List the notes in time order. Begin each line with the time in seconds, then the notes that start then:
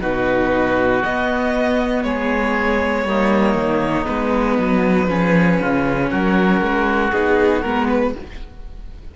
0.00 B2 D#4 F#4 B4
1.02 B3 D#5
2.03 G#3 G#4 C#5
3.04 G3 A#3 D#4
3.54 D#3
4.05 G#3 B3 B4
4.58 F#3
5.07 F3 C#4 G#4
5.60 C#3 F4
6.10 F#3 F#4 A#4
6.61 G#3
7.11 B3 D#4 G#4
7.61 G#3 B3 A#4
7.89 B4